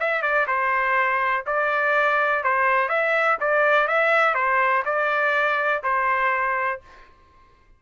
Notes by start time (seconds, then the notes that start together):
0.00 E5
0.22 D5
0.47 C5
1.46 D5
2.44 C5
2.89 E5
3.40 D5
3.87 E5
4.35 C5
4.85 D5
5.83 C5